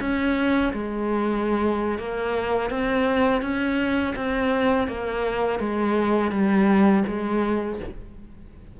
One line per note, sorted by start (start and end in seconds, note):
0.00 0.72 C#4
0.73 1.98 G#3
1.98 2.70 A#3
2.70 3.42 C4
3.42 4.14 C#4
4.16 4.87 C4
4.87 5.59 A#3
5.59 6.31 G#3
6.31 7.04 G3
7.07 7.79 G#3